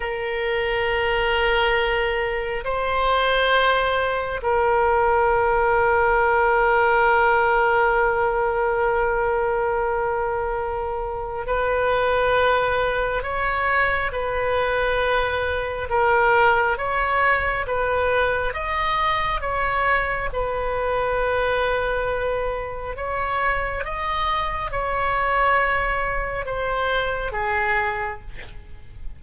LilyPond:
\new Staff \with { instrumentName = "oboe" } { \time 4/4 \tempo 4 = 68 ais'2. c''4~ | c''4 ais'2.~ | ais'1~ | ais'4 b'2 cis''4 |
b'2 ais'4 cis''4 | b'4 dis''4 cis''4 b'4~ | b'2 cis''4 dis''4 | cis''2 c''4 gis'4 | }